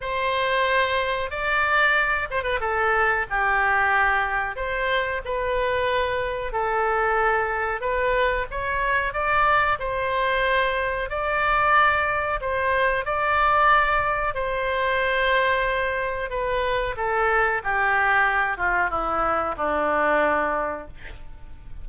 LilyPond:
\new Staff \with { instrumentName = "oboe" } { \time 4/4 \tempo 4 = 92 c''2 d''4. c''16 b'16 | a'4 g'2 c''4 | b'2 a'2 | b'4 cis''4 d''4 c''4~ |
c''4 d''2 c''4 | d''2 c''2~ | c''4 b'4 a'4 g'4~ | g'8 f'8 e'4 d'2 | }